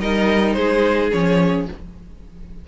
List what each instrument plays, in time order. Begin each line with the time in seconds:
0.00 cello G3, viola D#4, violin A#4 D#5
0.53 cello G#3, violin G#4 C5
1.12 cello F3, viola C#4, violin C#5